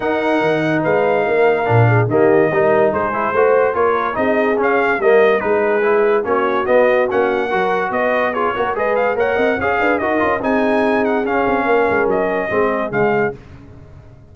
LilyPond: <<
  \new Staff \with { instrumentName = "trumpet" } { \time 4/4 \tempo 4 = 144 fis''2 f''2~ | f''4 dis''2 c''4~ | c''4 cis''4 dis''4 f''4 | dis''4 b'2 cis''4 |
dis''4 fis''2 dis''4 | cis''4 dis''8 f''8 fis''4 f''4 | dis''4 gis''4. fis''8 f''4~ | f''4 dis''2 f''4 | }
  \new Staff \with { instrumentName = "horn" } { \time 4/4 ais'2 b'4 ais'4~ | ais'8 gis'8 g'4 ais'4 gis'4 | c''4 ais'4 gis'2 | ais'4 gis'2 fis'4~ |
fis'2 ais'4 b'4 | gis'8 ais'8 b'4 cis''8 dis''8 cis''8 b'8 | ais'4 gis'2. | ais'2 gis'2 | }
  \new Staff \with { instrumentName = "trombone" } { \time 4/4 dis'1 | d'4 ais4 dis'4. e'8 | fis'4 f'4 dis'4 cis'4 | ais4 dis'4 e'4 cis'4 |
b4 cis'4 fis'2 | f'8 fis'8 gis'4 ais'4 gis'4 | fis'8 f'8 dis'2 cis'4~ | cis'2 c'4 gis4 | }
  \new Staff \with { instrumentName = "tuba" } { \time 4/4 dis'4 dis4 gis4 ais4 | ais,4 dis4 g4 gis4 | a4 ais4 c'4 cis'4 | g4 gis2 ais4 |
b4 ais4 fis4 b4~ | b8 ais8 gis4 ais8 c'8 cis'8 d'8 | dis'8 cis'8 c'2 cis'8 c'8 | ais8 gis8 fis4 gis4 cis4 | }
>>